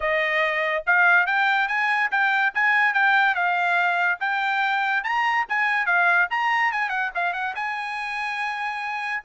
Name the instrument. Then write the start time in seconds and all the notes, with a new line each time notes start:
trumpet
0.00 D#5
0.86 F5
1.26 G5
1.67 G#5
2.11 G5
2.54 G#5
2.93 G5
3.35 F5
4.19 G5
5.03 A#5
5.49 G#5
5.86 F5
6.30 A#5
6.72 G#5
6.89 F#5
7.14 F5
7.33 F#5
7.55 G#5